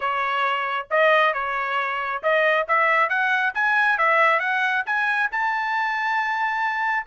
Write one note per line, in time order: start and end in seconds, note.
0.00 0.87 C#5
0.90 1.33 D#5
1.33 2.22 C#5
2.22 2.67 D#5
2.68 3.09 E5
3.09 3.53 F#5
3.54 3.97 G#5
3.97 4.39 E5
4.39 4.83 F#5
4.85 5.30 G#5
5.31 7.06 A5